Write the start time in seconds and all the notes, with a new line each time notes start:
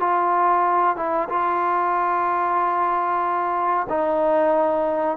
0.00 F4
0.96 E4
1.29 F4
3.89 D#4